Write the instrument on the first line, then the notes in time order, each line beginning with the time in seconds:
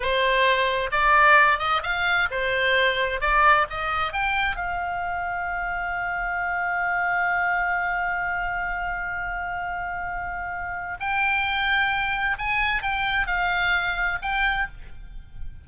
oboe
0.00 C5
0.91 D5
1.59 D#5
1.83 F5
2.30 C5
3.20 D5
3.70 D#5
4.12 G5
4.56 F5
10.99 G5
12.38 G#5
12.82 G5
13.26 F5
14.22 G5